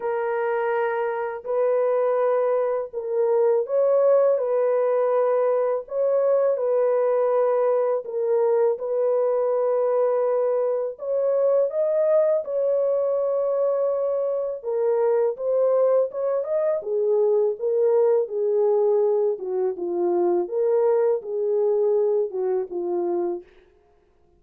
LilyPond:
\new Staff \with { instrumentName = "horn" } { \time 4/4 \tempo 4 = 82 ais'2 b'2 | ais'4 cis''4 b'2 | cis''4 b'2 ais'4 | b'2. cis''4 |
dis''4 cis''2. | ais'4 c''4 cis''8 dis''8 gis'4 | ais'4 gis'4. fis'8 f'4 | ais'4 gis'4. fis'8 f'4 | }